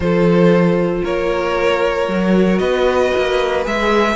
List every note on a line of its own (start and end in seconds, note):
0.00 1.02 F3
0.00 2.09 F4
0.00 1.03 A4
0.00 1.04 C5
1.03 2.07 A#3
1.03 2.59 A#4
1.03 2.58 C#5
2.07 2.60 F#3
2.07 3.63 F#4
2.58 3.12 B3
2.58 4.15 B4
2.58 3.62 D#5
3.17 3.66 A#3
3.63 4.15 G#3
3.63 4.15 G#4
3.63 4.15 E5